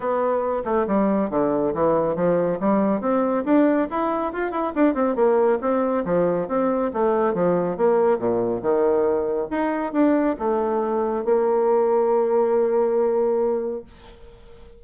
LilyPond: \new Staff \with { instrumentName = "bassoon" } { \time 4/4 \tempo 4 = 139 b4. a8 g4 d4 | e4 f4 g4 c'4 | d'4 e'4 f'8 e'8 d'8 c'8 | ais4 c'4 f4 c'4 |
a4 f4 ais4 ais,4 | dis2 dis'4 d'4 | a2 ais2~ | ais1 | }